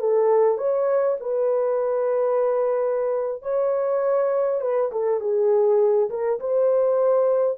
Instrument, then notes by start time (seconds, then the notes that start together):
horn
0.00 A4
0.58 C#5
1.20 B4
3.42 C#5
4.61 B4
4.91 A4
5.20 G#4
6.10 A#4
6.40 C5